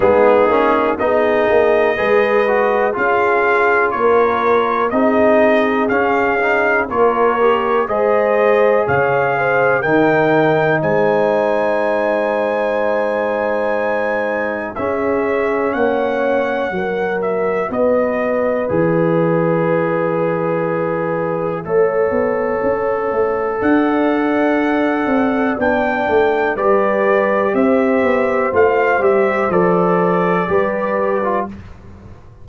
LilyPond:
<<
  \new Staff \with { instrumentName = "trumpet" } { \time 4/4 \tempo 4 = 61 gis'4 dis''2 f''4 | cis''4 dis''4 f''4 cis''4 | dis''4 f''4 g''4 gis''4~ | gis''2. e''4 |
fis''4. e''8 dis''4 e''4~ | e''1 | fis''2 g''4 d''4 | e''4 f''8 e''8 d''2 | }
  \new Staff \with { instrumentName = "horn" } { \time 4/4 dis'4 gis'4 b'4 gis'4 | ais'4 gis'2 ais'4 | c''4 cis''8 c''8 ais'4 c''4~ | c''2. gis'4 |
cis''4 ais'4 b'2~ | b'2 cis''2 | d''2. b'4 | c''2. b'4 | }
  \new Staff \with { instrumentName = "trombone" } { \time 4/4 b8 cis'8 dis'4 gis'8 fis'8 f'4~ | f'4 dis'4 cis'8 dis'8 f'8 g'8 | gis'2 dis'2~ | dis'2. cis'4~ |
cis'4 fis'2 gis'4~ | gis'2 a'2~ | a'2 d'4 g'4~ | g'4 f'8 g'8 a'4 g'8. f'16 | }
  \new Staff \with { instrumentName = "tuba" } { \time 4/4 gis8 ais8 b8 ais8 gis4 cis'4 | ais4 c'4 cis'4 ais4 | gis4 cis4 dis4 gis4~ | gis2. cis'4 |
ais4 fis4 b4 e4~ | e2 a8 b8 cis'8 a8 | d'4. c'8 b8 a8 g4 | c'8 b8 a8 g8 f4 g4 | }
>>